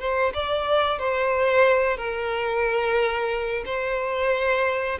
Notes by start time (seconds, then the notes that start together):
0.00 C5
0.34 D5
0.99 C5
1.98 A#4
3.66 C5